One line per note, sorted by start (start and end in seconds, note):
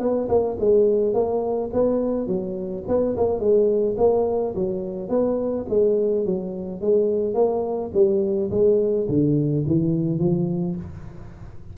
0.00 0.28 B3
0.29 0.57 A#3
0.60 1.14 G#3
1.14 1.71 A#3
1.73 2.27 B3
2.27 2.84 F#3
2.88 3.16 B3
3.17 3.40 A#3
3.40 3.96 G#3
3.98 4.54 A#3
4.55 5.09 F#3
5.09 5.66 B3
5.69 6.26 G#3
6.26 6.81 F#3
6.81 7.35 G#3
7.35 7.91 A#3
7.94 8.51 G3
8.51 9.07 G#3
9.09 9.65 D3
9.67 10.19 E3
10.19 10.76 F3